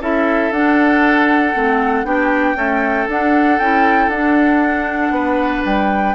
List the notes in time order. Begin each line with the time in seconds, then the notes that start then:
0.00 C#4 E4 A4 E5
0.51 D4 F#5
1.54 A3 C4
2.04 B3 D4 G4 G5
2.55 A3 C#4 A4
3.08 D4 F#5
3.59 C#4 E4 G5
4.08 D4 F#5
5.10 B3 B4
5.65 G3 G5